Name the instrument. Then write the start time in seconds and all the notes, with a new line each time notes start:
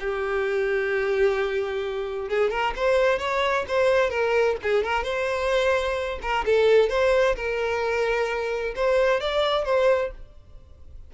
violin
0.00 G4
2.28 G#4
2.50 A#4
2.76 C5
3.19 C#5
3.68 C5
4.10 A#4
4.63 G#4
4.83 A#4
5.03 C5
6.22 A#4
6.45 A4
6.89 C5
7.36 A#4
8.75 C5
9.20 D5
9.65 C5